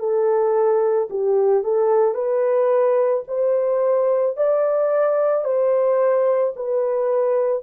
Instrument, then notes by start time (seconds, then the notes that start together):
horn
0.00 A4
1.11 G4
1.64 A4
2.15 B4
3.28 C5
4.37 D5
5.45 C5
6.57 B4